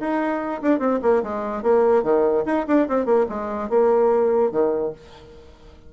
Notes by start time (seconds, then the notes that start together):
0.00 D#4
0.62 D4
0.79 C4
1.02 A#3
1.23 G#3
1.63 A#3
2.03 D#3
2.46 D#4
2.68 D4
2.88 C4
3.06 A#3
3.29 G#3
3.70 A#3
4.52 D#3